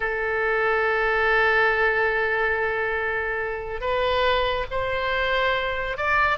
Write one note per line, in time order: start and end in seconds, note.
0.00 3.80 A4
3.80 4.65 B4
4.71 5.97 C5
5.97 6.38 D5